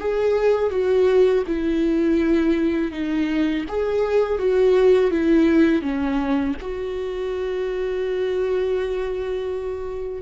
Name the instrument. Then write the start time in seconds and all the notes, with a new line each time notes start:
viola
0.00 G#4
0.71 F#4
1.47 E4
2.92 D#4
3.69 G#4
4.39 F#4
5.11 E4
5.82 C#4
6.61 F#4